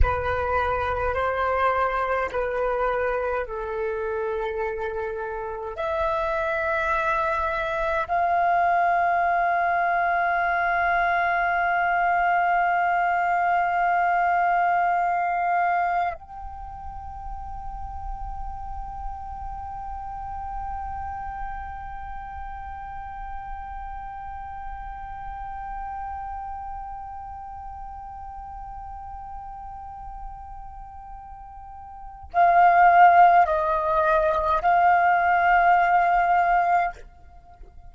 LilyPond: \new Staff \with { instrumentName = "flute" } { \time 4/4 \tempo 4 = 52 b'4 c''4 b'4 a'4~ | a'4 e''2 f''4~ | f''1~ | f''2 g''2~ |
g''1~ | g''1~ | g''1 | f''4 dis''4 f''2 | }